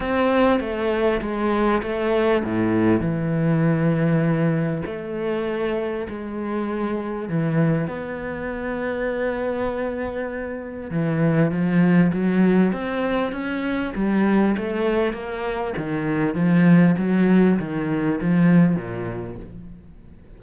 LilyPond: \new Staff \with { instrumentName = "cello" } { \time 4/4 \tempo 4 = 99 c'4 a4 gis4 a4 | a,4 e2. | a2 gis2 | e4 b2.~ |
b2 e4 f4 | fis4 c'4 cis'4 g4 | a4 ais4 dis4 f4 | fis4 dis4 f4 ais,4 | }